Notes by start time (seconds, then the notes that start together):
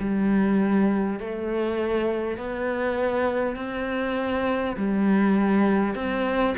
0.00 G3
1.20 A3
2.37 B3
3.56 C4
4.77 G3
5.95 C4